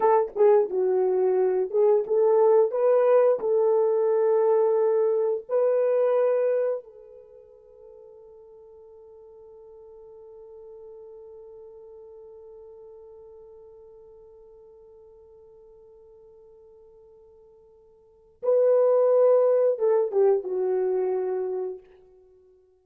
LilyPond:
\new Staff \with { instrumentName = "horn" } { \time 4/4 \tempo 4 = 88 a'8 gis'8 fis'4. gis'8 a'4 | b'4 a'2. | b'2 a'2~ | a'1~ |
a'1~ | a'1~ | a'2. b'4~ | b'4 a'8 g'8 fis'2 | }